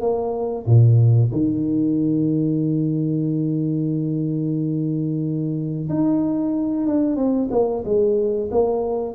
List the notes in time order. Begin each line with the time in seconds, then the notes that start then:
0.00 A#3
0.66 A#2
1.32 D#3
5.89 D#4
6.87 D4
7.16 C4
7.51 A#3
7.85 G#3
8.51 A#3